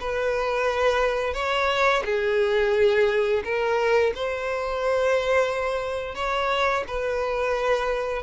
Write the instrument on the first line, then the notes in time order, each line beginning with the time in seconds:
violin
0.00 B4
1.34 C#5
2.05 G#4
3.44 A#4
4.15 C5
6.15 C#5
6.87 B4